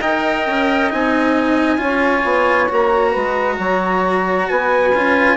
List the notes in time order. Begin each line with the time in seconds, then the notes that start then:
0.00 D#4 A#4 D#5 G5
0.46 C#4
0.90 C4 D#4 G#5
1.78 C#4 F4 C#5
2.24 B3
2.68 A#3 F#4 A#5
3.10 G#3 B4
3.58 F#3 C#5
4.49 B3 B4 G#5
4.94 C#4 F4